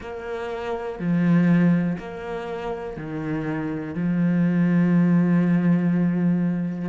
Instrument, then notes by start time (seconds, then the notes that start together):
cello
0.00 A#3
0.99 F3
1.98 A#3
2.96 D#3
3.94 F3